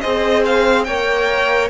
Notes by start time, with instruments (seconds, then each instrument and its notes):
0.00 cello C4, viola G#4, violin C5 D#5
0.45 violin F5
0.84 cello A#3, viola A#4, violin C#5 G5